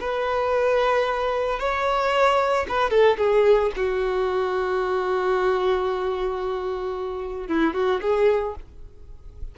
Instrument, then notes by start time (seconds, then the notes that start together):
violin
0.00 B4
1.59 C#5
2.69 B4
2.90 A4
3.18 G#4
3.76 F#4
7.48 E4
7.74 F#4
8.02 G#4